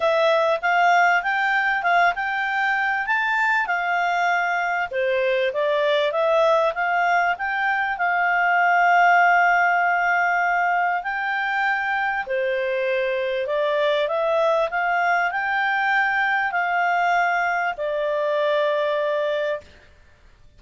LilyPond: \new Staff \with { instrumentName = "clarinet" } { \time 4/4 \tempo 4 = 98 e''4 f''4 g''4 f''8 g''8~ | g''4 a''4 f''2 | c''4 d''4 e''4 f''4 | g''4 f''2.~ |
f''2 g''2 | c''2 d''4 e''4 | f''4 g''2 f''4~ | f''4 d''2. | }